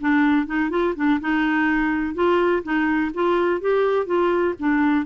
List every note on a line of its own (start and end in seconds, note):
0.00 0.46 D4
0.46 0.70 D#4
0.70 0.94 F4
0.95 1.20 D4
1.20 2.14 D#4
2.14 2.63 F4
2.63 3.11 D#4
3.14 3.60 F4
3.60 4.06 G4
4.06 4.54 F4
4.59 5.05 D4